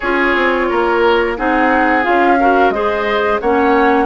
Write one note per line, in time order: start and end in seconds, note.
0.00 0.35 C#4
0.00 1.37 F4
0.00 0.66 G#4
0.00 1.35 C#5
0.35 0.69 C4
0.69 1.38 A#3
0.69 1.37 A#4
1.37 2.06 C4
1.37 2.03 D#4
1.37 2.39 G#4
1.37 2.04 F#5
2.03 2.70 C#4
2.03 2.37 F4
2.03 2.70 F5
2.39 2.73 F#4
2.39 2.73 A#4
2.70 3.38 G#3
2.70 3.41 G#4
2.70 3.41 C5
2.70 3.38 D#5
3.40 4.05 A#3
3.40 4.05 C#4
3.40 4.05 C#5
3.40 4.05 F#5